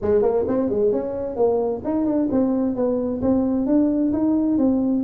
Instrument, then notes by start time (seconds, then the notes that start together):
tuba
0.01 G#3
0.21 A#3
0.47 C4
0.69 G#3
0.92 C#4
1.36 A#3
1.84 D#4
2.05 D4
2.31 C4
2.75 B3
3.21 C4
3.66 D4
4.12 D#4
4.58 C4